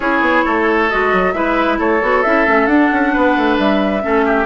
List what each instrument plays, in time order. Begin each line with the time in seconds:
0.00 bassoon C#4, clarinet E4, oboe G#4, flute C#5
0.20 bassoon B3
0.44 bassoon A3, oboe A4
0.89 bassoon G#3, clarinet F#4, flute D#5
1.12 bassoon F#3
1.32 bassoon G#3, clarinet E4, oboe B4, flute E5
1.78 bassoon A3, oboe A4, flute C#5
2.01 bassoon B3, clarinet F#4
2.22 bassoon C#4, clarinet E4, flute E5
2.47 bassoon A3, clarinet C#4
2.66 bassoon D4, clarinet D4, flute F#5
2.92 bassoon C#4
3.12 bassoon B3, oboe B4
3.37 bassoon A3
3.58 bassoon G3, flute E5
4.01 bassoon A3, clarinet C#4, oboe A4
4.25 oboe G4